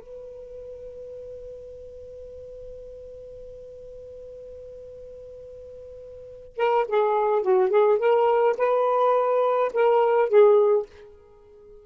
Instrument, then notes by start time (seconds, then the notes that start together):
saxophone
0.00 B4
6.57 A#4
6.89 G#4
7.43 F#4
7.70 G#4
7.99 A#4
8.58 B4
9.74 A#4
10.29 G#4